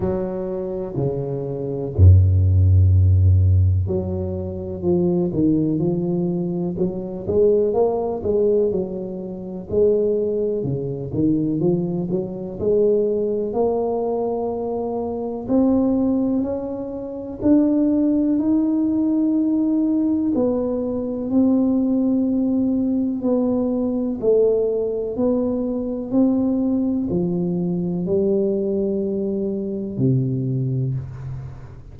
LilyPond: \new Staff \with { instrumentName = "tuba" } { \time 4/4 \tempo 4 = 62 fis4 cis4 fis,2 | fis4 f8 dis8 f4 fis8 gis8 | ais8 gis8 fis4 gis4 cis8 dis8 | f8 fis8 gis4 ais2 |
c'4 cis'4 d'4 dis'4~ | dis'4 b4 c'2 | b4 a4 b4 c'4 | f4 g2 c4 | }